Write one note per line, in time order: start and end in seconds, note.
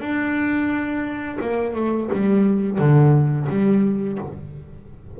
0.00 1.38 D4
1.41 1.75 A#3
1.75 2.10 A3
2.13 2.78 G3
2.78 3.47 D3
3.49 4.18 G3